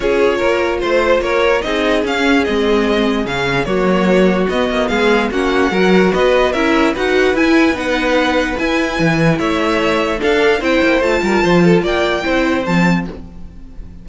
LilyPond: <<
  \new Staff \with { instrumentName = "violin" } { \time 4/4 \tempo 4 = 147 cis''2 c''4 cis''4 | dis''4 f''4 dis''2 | f''4 cis''2 dis''4 | f''4 fis''2 dis''4 |
e''4 fis''4 gis''4 fis''4~ | fis''4 gis''2 e''4~ | e''4 f''4 g''4 a''4~ | a''4 g''2 a''4 | }
  \new Staff \with { instrumentName = "violin" } { \time 4/4 gis'4 ais'4 c''4 ais'4 | gis'1~ | gis'4 fis'2. | gis'4 fis'4 ais'4 b'4 |
ais'4 b'2.~ | b'2. cis''4~ | cis''4 a'4 c''4. ais'8 | c''8 a'8 d''4 c''2 | }
  \new Staff \with { instrumentName = "viola" } { \time 4/4 f'1 | dis'4 cis'4 c'2 | cis'4 ais2 b4~ | b4 cis'4 fis'2 |
e'4 fis'4 e'4 dis'4~ | dis'4 e'2.~ | e'4 d'4 e'4 f'4~ | f'2 e'4 c'4 | }
  \new Staff \with { instrumentName = "cello" } { \time 4/4 cis'4 ais4 a4 ais4 | c'4 cis'4 gis2 | cis4 fis2 b8 ais8 | gis4 ais4 fis4 b4 |
cis'4 dis'4 e'4 b4~ | b4 e'4 e4 a4~ | a4 d'4 c'8 ais8 a8 g8 | f4 ais4 c'4 f4 | }
>>